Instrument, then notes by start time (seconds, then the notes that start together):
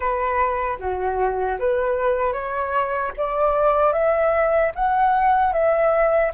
flute
0.00 B4
0.79 F#4
1.59 B4
2.33 C#5
3.17 D5
3.92 E5
4.75 F#5
5.52 E5